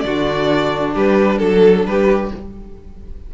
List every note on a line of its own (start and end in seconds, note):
0.00 0.95 D3
0.00 2.32 D4
0.00 0.94 F#4
0.00 0.91 D5
0.94 1.40 G3
0.94 1.40 G4
0.94 1.38 B4
1.38 1.85 F#3
1.38 1.84 A4
1.38 1.88 A4
1.85 2.31 G3
1.85 2.34 G4
1.85 2.31 B4